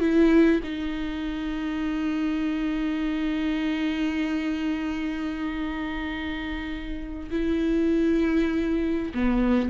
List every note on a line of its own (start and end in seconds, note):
0.00 0.61 E4
0.63 7.30 D#4
7.31 9.13 E4
9.14 9.69 B3